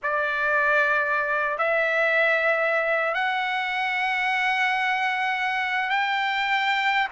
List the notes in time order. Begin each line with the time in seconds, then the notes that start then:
0.02 D5
1.58 E5
3.14 F#5
5.89 G5